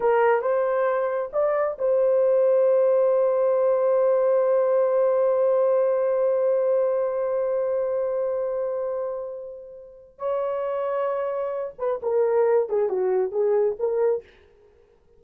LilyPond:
\new Staff \with { instrumentName = "horn" } { \time 4/4 \tempo 4 = 135 ais'4 c''2 d''4 | c''1~ | c''1~ | c''1~ |
c''1~ | c''2. cis''4~ | cis''2~ cis''8 b'8 ais'4~ | ais'8 gis'8 fis'4 gis'4 ais'4 | }